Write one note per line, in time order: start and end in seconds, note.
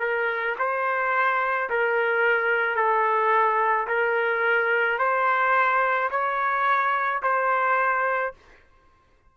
0.00 0.56 A#4
0.59 1.70 C5
1.70 2.76 A#4
2.76 3.87 A4
3.88 4.99 A#4
4.99 6.10 C5
6.11 7.22 C#5
7.23 8.34 C5